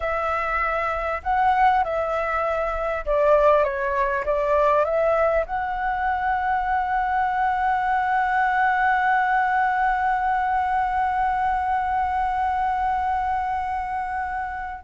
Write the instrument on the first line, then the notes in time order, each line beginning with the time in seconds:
flute
0.00 E5
1.23 F#5
1.84 E5
3.05 D5
3.64 C#5
4.25 D5
4.84 E5
5.45 F#5